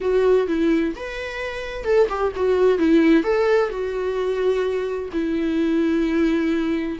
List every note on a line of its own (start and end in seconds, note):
0.00 0.47 F#4
0.47 0.93 E4
0.96 1.84 B4
1.84 2.07 A4
2.09 2.32 G4
2.35 2.78 F#4
2.78 3.23 E4
3.23 3.69 A4
3.69 5.09 F#4
5.12 6.98 E4